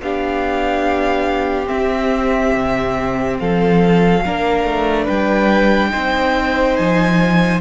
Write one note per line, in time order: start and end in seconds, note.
0.00 1.69 B3
0.00 1.66 D4
0.00 3.40 G4
0.00 1.68 F5
1.66 4.19 C4
1.66 2.54 C4
1.66 3.37 E5
2.54 3.39 C3
3.39 4.26 F3
3.39 4.25 A4
3.39 5.07 F5
4.25 4.64 A#3
4.25 5.90 D4
4.25 5.05 A#4
4.64 5.06 A3
5.05 5.93 G3
5.05 5.89 B4
5.05 6.76 G5
5.90 6.79 C4
5.90 7.60 D#4
5.90 7.61 C5
6.76 7.61 F3
6.76 7.61 G#5